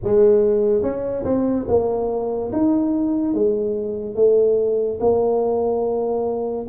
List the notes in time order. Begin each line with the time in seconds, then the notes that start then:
0.03 G#3
0.82 C#4
1.24 C4
1.67 A#3
2.52 D#4
3.33 G#3
4.15 A3
5.00 A#3